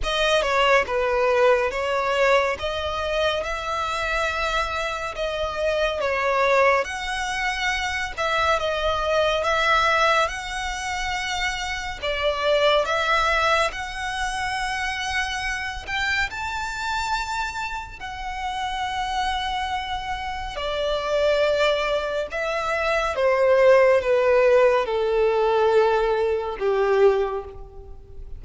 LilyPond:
\new Staff \with { instrumentName = "violin" } { \time 4/4 \tempo 4 = 70 dis''8 cis''8 b'4 cis''4 dis''4 | e''2 dis''4 cis''4 | fis''4. e''8 dis''4 e''4 | fis''2 d''4 e''4 |
fis''2~ fis''8 g''8 a''4~ | a''4 fis''2. | d''2 e''4 c''4 | b'4 a'2 g'4 | }